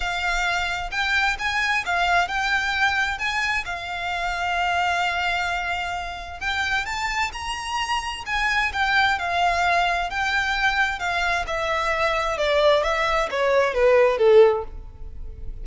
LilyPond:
\new Staff \with { instrumentName = "violin" } { \time 4/4 \tempo 4 = 131 f''2 g''4 gis''4 | f''4 g''2 gis''4 | f''1~ | f''2 g''4 a''4 |
ais''2 gis''4 g''4 | f''2 g''2 | f''4 e''2 d''4 | e''4 cis''4 b'4 a'4 | }